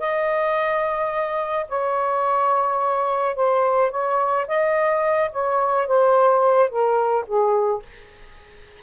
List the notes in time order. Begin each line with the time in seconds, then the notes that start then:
0.00 D#5
1.69 C#5
3.36 C5
3.91 C#5
4.48 D#5
5.33 C#5
5.88 C5
6.70 A#4
7.27 G#4